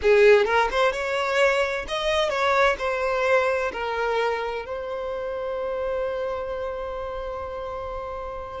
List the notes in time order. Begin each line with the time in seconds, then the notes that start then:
0.01 G#4
0.45 A#4
0.71 C5
0.92 C#5
1.87 D#5
2.29 C#5
2.78 C5
3.72 A#4
4.65 C5